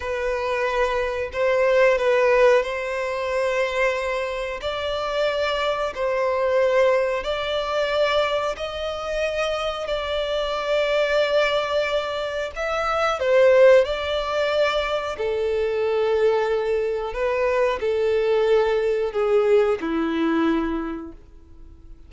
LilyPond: \new Staff \with { instrumentName = "violin" } { \time 4/4 \tempo 4 = 91 b'2 c''4 b'4 | c''2. d''4~ | d''4 c''2 d''4~ | d''4 dis''2 d''4~ |
d''2. e''4 | c''4 d''2 a'4~ | a'2 b'4 a'4~ | a'4 gis'4 e'2 | }